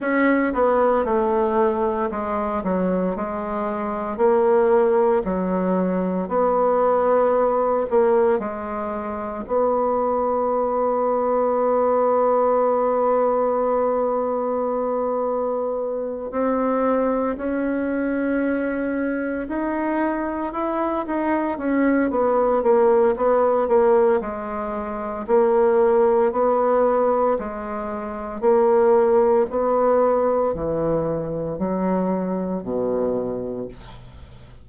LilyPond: \new Staff \with { instrumentName = "bassoon" } { \time 4/4 \tempo 4 = 57 cis'8 b8 a4 gis8 fis8 gis4 | ais4 fis4 b4. ais8 | gis4 b2.~ | b2.~ b8 c'8~ |
c'8 cis'2 dis'4 e'8 | dis'8 cis'8 b8 ais8 b8 ais8 gis4 | ais4 b4 gis4 ais4 | b4 e4 fis4 b,4 | }